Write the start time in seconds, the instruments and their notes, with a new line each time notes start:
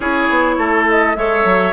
0.00 bassoon C#4, clarinet E4, oboe G#4, flute C#5
0.29 bassoon B3
0.57 bassoon A3, oboe A4
0.89 flute D#5
1.15 bassoon G#3, clarinet A4, oboe C#5, flute E5
1.44 bassoon F#3